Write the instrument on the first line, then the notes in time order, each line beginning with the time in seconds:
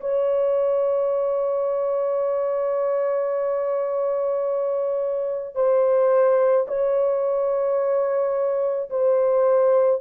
horn
0.00 C#5
5.55 C5
6.67 C#5
8.89 C5